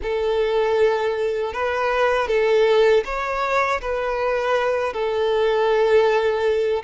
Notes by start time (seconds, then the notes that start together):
0.02 A4
1.53 B4
2.28 A4
3.04 C#5
3.81 B4
4.93 A4